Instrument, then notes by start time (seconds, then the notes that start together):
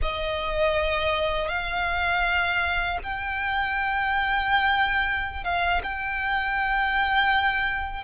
violin
0.01 D#5
1.48 F5
3.03 G5
5.44 F5
5.83 G5